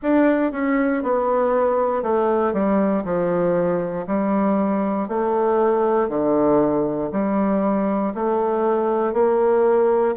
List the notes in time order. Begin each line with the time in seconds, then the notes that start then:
0.02 D4
0.51 C#4
1.03 B3
2.02 A3
2.53 G3
3.04 F3
4.07 G3
5.08 A3
6.08 D3
7.12 G3
8.14 A3
9.13 A#3